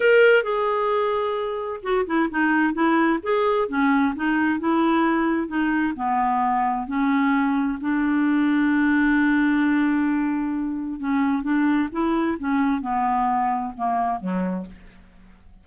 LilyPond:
\new Staff \with { instrumentName = "clarinet" } { \time 4/4 \tempo 4 = 131 ais'4 gis'2. | fis'8 e'8 dis'4 e'4 gis'4 | cis'4 dis'4 e'2 | dis'4 b2 cis'4~ |
cis'4 d'2.~ | d'1 | cis'4 d'4 e'4 cis'4 | b2 ais4 fis4 | }